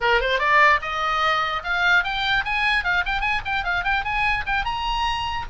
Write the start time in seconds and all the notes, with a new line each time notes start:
0.01 A#4
0.20 C5
0.39 D5
0.81 D#5
1.63 F5
2.04 G5
2.45 G#5
2.84 F5
3.05 G5
3.20 G#5
3.45 G5
3.64 F5
3.84 G5
4.04 G#5
4.46 G5
4.64 A#5